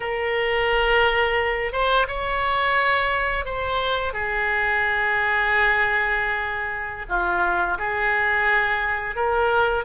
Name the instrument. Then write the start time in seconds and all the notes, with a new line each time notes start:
oboe
0.00 A#4
1.72 C5
2.07 C#5
3.45 C5
4.13 G#4
7.08 F4
7.78 G#4
9.15 A#4